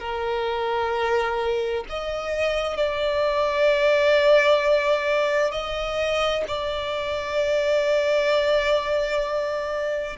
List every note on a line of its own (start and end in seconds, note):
0.00 1.85 A#4
1.90 2.77 D#5
2.77 5.52 D5
5.52 6.44 D#5
6.48 10.17 D5